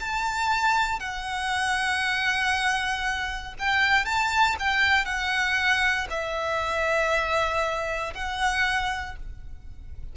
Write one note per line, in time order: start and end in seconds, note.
0.00 1.00 A5
1.00 3.54 F#5
3.59 4.05 G5
4.05 4.56 A5
4.59 5.05 G5
5.05 6.07 F#5
6.10 8.14 E5
8.14 9.16 F#5